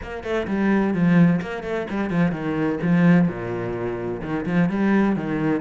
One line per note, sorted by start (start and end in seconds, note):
0.02 0.23 A#3
0.23 0.47 A3
0.47 0.94 G3
0.94 1.40 F3
1.41 1.63 A#3
1.63 1.86 A3
1.90 2.10 G3
2.10 2.31 F3
2.31 2.78 D#3
2.82 3.27 F3
3.27 4.21 A#2
4.21 4.45 D#3
4.45 4.69 F3
4.69 5.16 G3
5.16 5.61 D#3